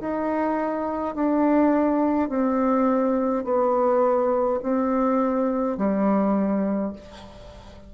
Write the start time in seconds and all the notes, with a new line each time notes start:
0.00 D#4
1.14 D4
2.29 C4
3.44 B3
4.62 C4
5.77 G3